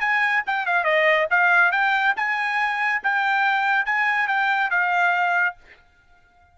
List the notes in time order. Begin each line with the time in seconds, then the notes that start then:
0.00 G#5
0.46 G5
0.66 F5
0.84 D#5
1.31 F5
1.72 G5
2.16 G#5
3.03 G5
3.86 G#5
4.28 G5
4.70 F5